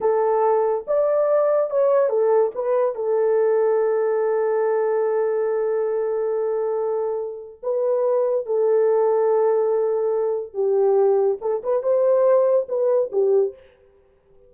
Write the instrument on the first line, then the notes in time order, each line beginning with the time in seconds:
horn
0.00 A4
0.87 D5
1.70 C#5
2.09 A4
2.54 B4
2.95 A4
7.63 B4
8.46 A4
10.53 G4
11.41 A4
11.63 B4
11.82 C5
12.68 B4
13.11 G4